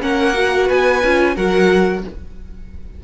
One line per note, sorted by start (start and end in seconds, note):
0.00 0.69 A#3
0.00 0.34 C#4
0.00 0.66 A#4
0.00 0.69 F#5
0.34 1.01 F#4
0.66 1.03 B3
0.66 1.34 B4
0.66 1.36 G#5
1.03 1.36 C#4
1.03 1.36 F4
1.35 2.04 F#3
1.35 2.03 F#4
1.35 2.03 A#4
1.35 2.04 F#5